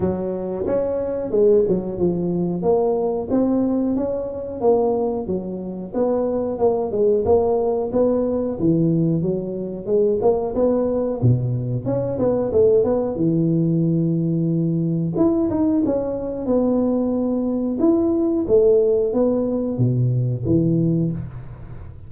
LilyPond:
\new Staff \with { instrumentName = "tuba" } { \time 4/4 \tempo 4 = 91 fis4 cis'4 gis8 fis8 f4 | ais4 c'4 cis'4 ais4 | fis4 b4 ais8 gis8 ais4 | b4 e4 fis4 gis8 ais8 |
b4 b,4 cis'8 b8 a8 b8 | e2. e'8 dis'8 | cis'4 b2 e'4 | a4 b4 b,4 e4 | }